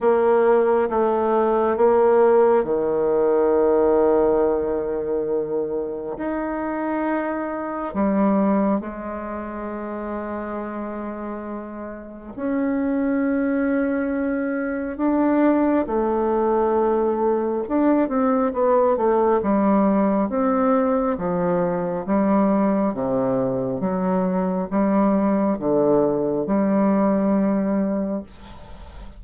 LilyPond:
\new Staff \with { instrumentName = "bassoon" } { \time 4/4 \tempo 4 = 68 ais4 a4 ais4 dis4~ | dis2. dis'4~ | dis'4 g4 gis2~ | gis2 cis'2~ |
cis'4 d'4 a2 | d'8 c'8 b8 a8 g4 c'4 | f4 g4 c4 fis4 | g4 d4 g2 | }